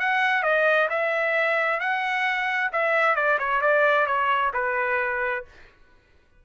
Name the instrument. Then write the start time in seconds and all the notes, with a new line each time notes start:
trumpet
0.00 F#5
0.43 D#5
0.90 E5
1.80 F#5
2.73 E5
3.16 D5
3.39 C#5
3.62 D5
4.07 C#5
4.54 B4